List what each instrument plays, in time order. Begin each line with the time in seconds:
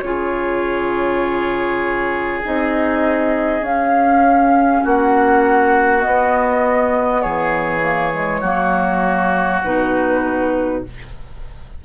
0.00 bassoon C#3, clarinet F4, oboe G#4, flute C#5
2.44 bassoon C4, clarinet D#4, flute D#5
3.60 bassoon C#4, clarinet C#4, flute F5
4.82 bassoon A#3, oboe F#4, flute F#5
6.01 clarinet B3, bassoon B3, flute D#5
7.21 bassoon E3, oboe G#4, flute C#5
7.81 clarinet A#3
8.12 clarinet G#3
8.40 bassoon F#3, clarinet A#3, oboe F#4
9.63 bassoon B2, clarinet D#4, flute B4